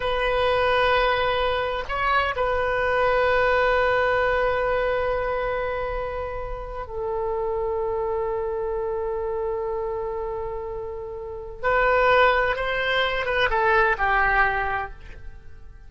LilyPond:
\new Staff \with { instrumentName = "oboe" } { \time 4/4 \tempo 4 = 129 b'1 | cis''4 b'2.~ | b'1~ | b'2~ b'8. a'4~ a'16~ |
a'1~ | a'1~ | a'4 b'2 c''4~ | c''8 b'8 a'4 g'2 | }